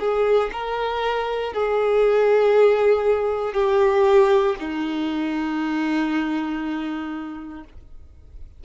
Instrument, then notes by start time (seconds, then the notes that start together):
violin
0.00 G#4
0.52 A#4
1.53 G#4
3.54 G4
4.59 D#4